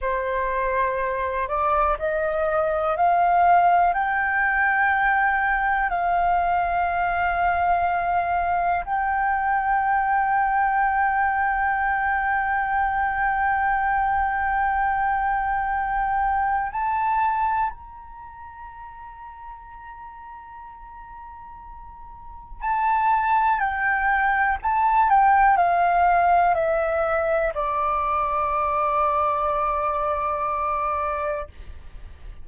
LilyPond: \new Staff \with { instrumentName = "flute" } { \time 4/4 \tempo 4 = 61 c''4. d''8 dis''4 f''4 | g''2 f''2~ | f''4 g''2.~ | g''1~ |
g''4 a''4 ais''2~ | ais''2. a''4 | g''4 a''8 g''8 f''4 e''4 | d''1 | }